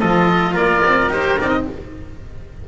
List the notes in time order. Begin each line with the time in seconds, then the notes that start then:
0.00 F3 F4 A4 D#5
0.53 A#3 A#4 D5
0.85 C4
1.09 D#4 G4 C5
1.38 C4 D#4 D5
1.49 D#5